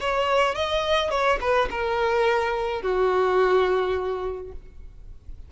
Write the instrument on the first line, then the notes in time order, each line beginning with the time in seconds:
violin
0.00 C#5
0.55 D#5
1.11 C#5
1.41 B4
1.70 A#4
2.82 F#4